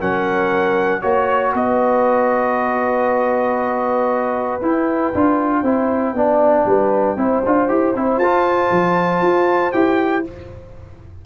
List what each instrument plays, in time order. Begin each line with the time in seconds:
0.00 tuba F#3, trombone C#4, horn A#4, trumpet F#5
1.01 tuba A#3, trombone F#4, trumpet C#5, horn C#5
1.53 tuba B3, horn B4, trumpet D#5
4.61 tuba E4, trombone E4, trumpet G5
5.14 tuba D4, trombone F4
5.62 tuba C4, trombone E4, horn C5
6.13 tuba B3, trombone D4, horn D5
6.65 tuba G3, horn B4
7.16 tuba C4, trombone E4, horn C5
7.45 tuba D4, trombone F4
7.68 tuba E4, trombone G4
7.95 tuba C4, trombone E4
8.17 tuba F4, trombone F4, trumpet A5
8.71 tuba F3
9.21 tuba F4
9.72 tuba E4, trombone G4, trumpet G5